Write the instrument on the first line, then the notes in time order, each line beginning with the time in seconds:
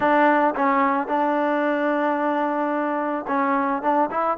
trombone
0.00 D4
0.55 C#4
1.07 D4
3.27 C#4
3.82 D4
4.10 E4